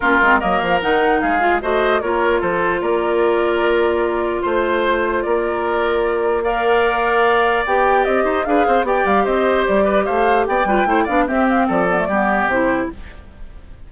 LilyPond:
<<
  \new Staff \with { instrumentName = "flute" } { \time 4/4 \tempo 4 = 149 ais'4 dis''8 f''8 fis''4 f''4 | dis''4 cis''4 c''4 d''4~ | d''2. c''4~ | c''4 d''2. |
f''2. g''4 | dis''4 f''4 g''8 f''8 dis''4 | d''4 f''4 g''4. f''8 | e''8 f''8 d''2 c''4 | }
  \new Staff \with { instrumentName = "oboe" } { \time 4/4 f'4 ais'2 gis'4 | c''4 ais'4 a'4 ais'4~ | ais'2. c''4~ | c''4 ais'2. |
d''1~ | d''8 c''8 b'8 c''8 d''4 c''4~ | c''8 b'8 c''4 d''8 b'8 c''8 d''8 | g'4 a'4 g'2 | }
  \new Staff \with { instrumentName = "clarinet" } { \time 4/4 cis'8 c'8 ais4 dis'4. f'8 | fis'4 f'2.~ | f'1~ | f'1 |
ais'2. g'4~ | g'4 gis'4 g'2~ | g'2~ g'8 f'8 e'8 d'8 | c'4. b16 a16 b4 e'4 | }
  \new Staff \with { instrumentName = "bassoon" } { \time 4/4 ais8 gis8 fis8 f8 dis4 gis4 | a4 ais4 f4 ais4~ | ais2. a4~ | a4 ais2.~ |
ais2. b4 | c'8 dis'8 d'8 c'8 b8 g8 c'4 | g4 a4 b8 g8 a8 b8 | c'4 f4 g4 c4 | }
>>